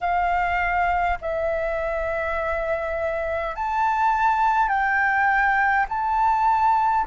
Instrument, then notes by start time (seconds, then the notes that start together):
flute
0.00 F5
1.21 E5
3.56 A5
4.68 G5
5.88 A5